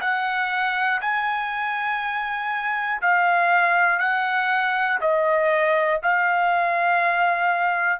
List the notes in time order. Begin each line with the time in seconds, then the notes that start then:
0.00 F#5
1.01 G#5
3.01 F5
3.99 F#5
5.00 D#5
6.03 F5